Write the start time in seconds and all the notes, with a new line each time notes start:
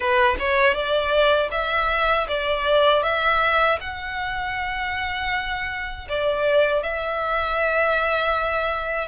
0.00 B4
0.39 C#5
0.74 D5
1.51 E5
2.28 D5
3.02 E5
3.80 F#5
6.09 D5
6.83 E5